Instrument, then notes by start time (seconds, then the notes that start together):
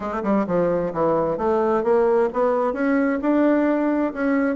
bassoon
0.00 A3
0.23 G3
0.46 F3
0.93 E3
1.37 A3
1.83 A#3
2.33 B3
2.73 C#4
3.21 D4
4.13 C#4